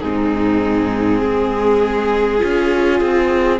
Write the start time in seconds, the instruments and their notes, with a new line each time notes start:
0.00 cello G#2, viola C4, violin D#4 G#4
1.20 cello G#3, violin G#4
2.39 cello C#4, viola F4
3.01 cello C4